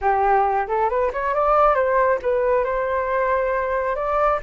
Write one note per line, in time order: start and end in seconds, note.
0.01 0.67 G4
0.67 0.89 A4
0.89 1.11 B4
1.12 1.34 C#5
1.34 1.74 D5
1.74 2.19 C5
2.22 2.64 B4
2.64 3.95 C5
3.95 4.39 D5